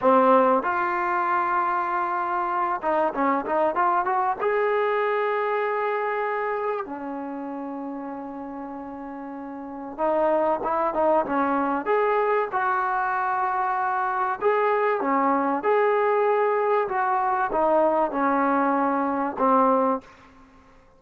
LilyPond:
\new Staff \with { instrumentName = "trombone" } { \time 4/4 \tempo 4 = 96 c'4 f'2.~ | f'8 dis'8 cis'8 dis'8 f'8 fis'8 gis'4~ | gis'2. cis'4~ | cis'1 |
dis'4 e'8 dis'8 cis'4 gis'4 | fis'2. gis'4 | cis'4 gis'2 fis'4 | dis'4 cis'2 c'4 | }